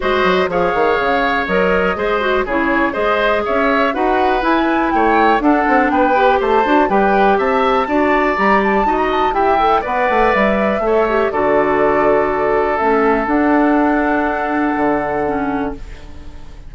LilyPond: <<
  \new Staff \with { instrumentName = "flute" } { \time 4/4 \tempo 4 = 122 dis''4 f''2 dis''4~ | dis''4 cis''4 dis''4 e''4 | fis''4 gis''4 g''4 fis''4 | g''4 a''4 g''4 a''4~ |
a''4 ais''8 a''8. ais''16 a''8 g''4 | fis''4 e''2 d''4~ | d''2 e''4 fis''4~ | fis''1 | }
  \new Staff \with { instrumentName = "oboe" } { \time 4/4 c''4 cis''2. | c''4 gis'4 c''4 cis''4 | b'2 cis''4 a'4 | b'4 c''4 b'4 e''4 |
d''2 dis''4 e''4 | d''2 cis''4 a'4~ | a'1~ | a'1 | }
  \new Staff \with { instrumentName = "clarinet" } { \time 4/4 fis'4 gis'2 ais'4 | gis'8 fis'8 e'4 gis'2 | fis'4 e'2 d'4~ | d'8 g'4 fis'8 g'2 |
fis'4 g'4 fis'4 g'8 a'8 | b'2 a'8 g'8 fis'4~ | fis'2 cis'4 d'4~ | d'2. cis'4 | }
  \new Staff \with { instrumentName = "bassoon" } { \time 4/4 gis8 fis8 f8 dis8 cis4 fis4 | gis4 cis4 gis4 cis'4 | dis'4 e'4 a4 d'8 c'8 | b4 a8 d'8 g4 c'4 |
d'4 g4 dis'4 e'4 | b8 a8 g4 a4 d4~ | d2 a4 d'4~ | d'2 d2 | }
>>